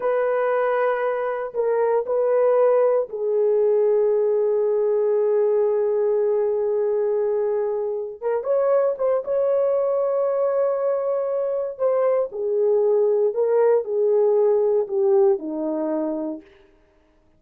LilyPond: \new Staff \with { instrumentName = "horn" } { \time 4/4 \tempo 4 = 117 b'2. ais'4 | b'2 gis'2~ | gis'1~ | gis'1 |
ais'8 cis''4 c''8 cis''2~ | cis''2. c''4 | gis'2 ais'4 gis'4~ | gis'4 g'4 dis'2 | }